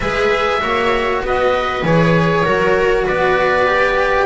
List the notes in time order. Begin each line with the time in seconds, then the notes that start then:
0.00 G#3 G#4 B4 E5
0.60 A#3 F#4 C#5
1.21 B3 B4 D#5
1.83 E3 G#4 C#5
2.44 F#3 F#4 A#4
3.04 B3 B4 D5
3.67 G4